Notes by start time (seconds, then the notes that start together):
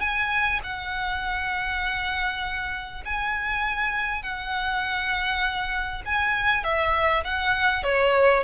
0.00 G#5
0.63 F#5
3.05 G#5
4.22 F#5
6.05 G#5
6.63 E5
7.24 F#5
7.83 C#5